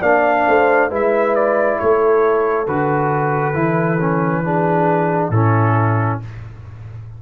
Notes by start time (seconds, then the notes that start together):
0.00 A#3 D4 D5 F5
0.47 A3 C5
0.89 G#3 E4 B4 E5
1.35 D5
1.79 A3 A4 C#5
2.67 D3 F#4 B4
3.53 E3 E4
3.99 C#4
4.44 D4 G#4
5.29 A2 C#4 E4 A4